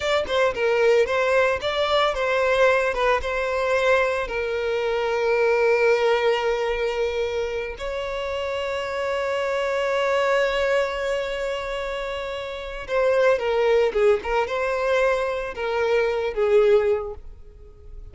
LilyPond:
\new Staff \with { instrumentName = "violin" } { \time 4/4 \tempo 4 = 112 d''8 c''8 ais'4 c''4 d''4 | c''4. b'8 c''2 | ais'1~ | ais'2~ ais'8 cis''4.~ |
cis''1~ | cis''1 | c''4 ais'4 gis'8 ais'8 c''4~ | c''4 ais'4. gis'4. | }